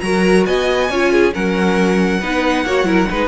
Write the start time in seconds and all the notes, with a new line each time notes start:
0.00 F#3 F#4 A#4 A#5
0.46 B3 D#5 G#5
0.90 C#4 F4 C#5
1.12 G#4
1.32 F#3 C#4 A#4 F#5
2.20 B3 D#4 B4
2.66 A#3 F#4 C#5
2.84 F#3 E4 A#4
3.10 G#3 D#4 B4